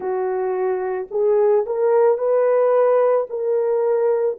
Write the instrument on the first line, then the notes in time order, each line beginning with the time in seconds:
horn
0.00 F#4
1.10 G#4
1.66 A#4
2.18 B4
3.29 A#4